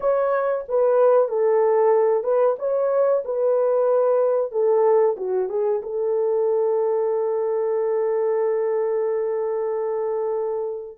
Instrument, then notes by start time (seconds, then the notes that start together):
horn
0.00 C#5
0.68 B4
1.28 A4
2.23 B4
2.58 C#5
3.25 B4
4.51 A4
5.16 F#4
5.49 G#4
5.82 A4